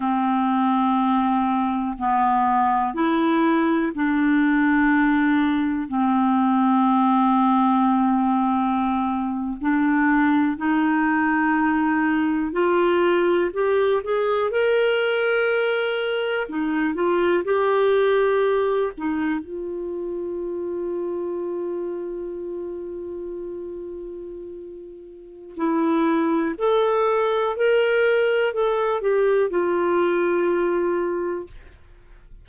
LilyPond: \new Staff \with { instrumentName = "clarinet" } { \time 4/4 \tempo 4 = 61 c'2 b4 e'4 | d'2 c'2~ | c'4.~ c'16 d'4 dis'4~ dis'16~ | dis'8. f'4 g'8 gis'8 ais'4~ ais'16~ |
ais'8. dis'8 f'8 g'4. dis'8 f'16~ | f'1~ | f'2 e'4 a'4 | ais'4 a'8 g'8 f'2 | }